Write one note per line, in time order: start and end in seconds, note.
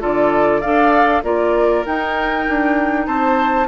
0.00 0.64 D3
0.00 0.61 F4
0.00 0.61 A4
0.00 0.61 D5
0.61 1.23 D4
0.61 1.24 A4
0.61 1.22 D5
0.61 1.22 F5
1.23 1.84 A#3
1.23 1.85 F4
1.23 3.06 A#4
1.23 1.85 D5
1.85 3.68 D#4
1.85 2.48 D#4
1.85 3.06 G5
2.48 3.07 D4
3.06 3.68 C4
3.06 3.68 C5
3.06 3.67 A5